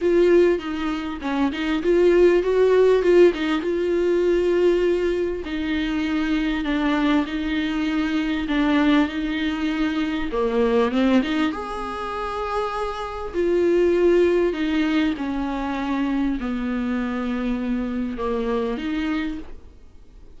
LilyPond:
\new Staff \with { instrumentName = "viola" } { \time 4/4 \tempo 4 = 99 f'4 dis'4 cis'8 dis'8 f'4 | fis'4 f'8 dis'8 f'2~ | f'4 dis'2 d'4 | dis'2 d'4 dis'4~ |
dis'4 ais4 c'8 dis'8 gis'4~ | gis'2 f'2 | dis'4 cis'2 b4~ | b2 ais4 dis'4 | }